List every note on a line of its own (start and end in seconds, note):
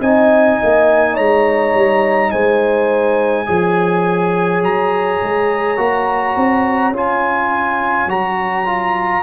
0.00 0.58 C4
0.00 3.46 D#4
0.00 1.14 D#5
0.00 1.16 G#5
0.62 1.18 A#3
1.14 1.74 G#3
1.14 2.29 C#5
1.14 2.31 A#5
1.74 2.32 G3
2.31 3.48 G#3
2.31 3.46 C5
2.31 4.62 G#5
3.46 4.62 F3
3.46 5.77 G#4
3.46 9.22 C#5
4.62 5.19 F#3
4.62 6.94 A#5
5.22 5.77 G#3
5.77 6.35 A#3
5.77 6.92 F#4
6.36 6.92 C4
6.92 8.06 C#4
6.92 8.08 F4
6.92 8.10 G#5
8.06 9.22 F#3
8.06 8.65 F#4
8.06 9.22 A#5
8.65 9.22 F4